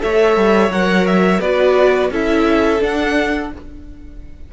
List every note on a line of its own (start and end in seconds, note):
0.00 0.37 A3
0.00 0.70 A4
0.00 1.41 C#5
0.00 0.72 E5
0.37 0.69 G3
0.69 1.39 F#3
0.69 1.42 A#4
0.69 1.07 F#5
1.07 1.40 E5
1.40 2.11 B3
1.40 2.12 F#4
1.40 2.11 B4
1.40 2.10 D5
2.11 2.81 C#4
2.11 2.79 E4
2.11 3.51 A4
2.11 2.84 E5
2.79 3.49 D4
2.79 3.52 D4
2.79 3.53 F#5